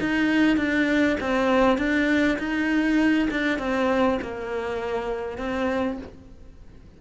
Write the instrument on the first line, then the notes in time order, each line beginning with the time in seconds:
cello
0.00 D#4
0.57 D4
1.20 C4
1.78 D4
2.39 D#4
3.31 D4
3.59 C4
4.22 A#3
5.38 C4